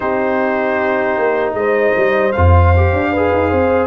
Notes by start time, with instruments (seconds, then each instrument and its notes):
0.00 tuba C4, trombone D#4, horn G4, trumpet C5
1.17 tuba A#3
1.53 tuba G#3, horn C5, trumpet D#5
1.96 tuba G3
2.32 tuba F2, trombone F4, trumpet F5
2.76 trombone G4
2.93 tuba D4
3.11 trombone G#4, horn B4
3.33 tuba D#4
3.49 tuba C4, horn C5